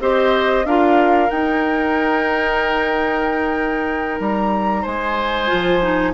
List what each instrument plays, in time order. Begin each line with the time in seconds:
0.00 bassoon C4, clarinet G4, oboe C5, flute D#5
0.65 bassoon D4, clarinet F4, oboe A#4, flute F5
1.29 clarinet D#4, bassoon D#4, flute G5
4.19 bassoon G3, flute A#5
4.82 bassoon G#3, oboe C5, flute G#5
5.47 bassoon F3, clarinet F4
5.81 clarinet D#4